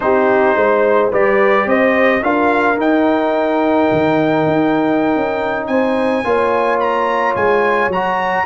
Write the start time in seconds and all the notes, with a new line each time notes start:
0.00 C4 D#4 G4 C5
0.55 G#3 C5
1.11 G3 G4 B4 D5
1.66 C4 C5 D#5
2.21 D4 F4 A#4 F5
2.76 D#4 G5
3.91 D#3
4.46 D#4
5.15 C#4
5.66 C4 C5 G#5
6.24 A#3 F4 C#5
6.79 A#5
7.35 G#3 G#5
7.88 F#3 F#4 A#5